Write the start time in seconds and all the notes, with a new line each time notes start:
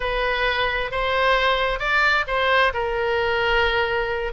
0.00 B4
0.91 C5
1.79 D5
2.27 C5
2.73 A#4